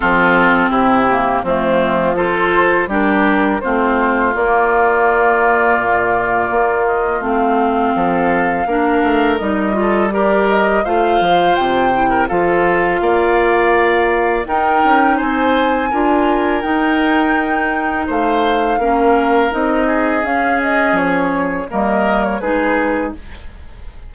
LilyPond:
<<
  \new Staff \with { instrumentName = "flute" } { \time 4/4 \tempo 4 = 83 a'4 g'4 f'4 c''4 | ais'4 c''4 d''2~ | d''4. dis''8 f''2~ | f''4 dis''4 d''8 dis''8 f''4 |
g''4 f''2. | g''4 gis''2 g''4~ | g''4 f''2 dis''4 | f''8 dis''8 cis''4 dis''8. cis''16 b'4 | }
  \new Staff \with { instrumentName = "oboe" } { \time 4/4 f'4 e'4 c'4 a'4 | g'4 f'2.~ | f'2. a'4 | ais'4. a'8 ais'4 c''4~ |
c''8. ais'16 a'4 d''2 | ais'4 c''4 ais'2~ | ais'4 c''4 ais'4. gis'8~ | gis'2 ais'4 gis'4 | }
  \new Staff \with { instrumentName = "clarinet" } { \time 4/4 c'4. ais8 a4 f'4 | d'4 c'4 ais2~ | ais2 c'2 | d'4 dis'8 f'8 g'4 f'4~ |
f'8 e'8 f'2. | dis'2 f'4 dis'4~ | dis'2 cis'4 dis'4 | cis'2 ais4 dis'4 | }
  \new Staff \with { instrumentName = "bassoon" } { \time 4/4 f4 c4 f2 | g4 a4 ais2 | ais,4 ais4 a4 f4 | ais8 a8 g2 a8 f8 |
c4 f4 ais2 | dis'8 cis'8 c'4 d'4 dis'4~ | dis'4 a4 ais4 c'4 | cis'4 f4 g4 gis4 | }
>>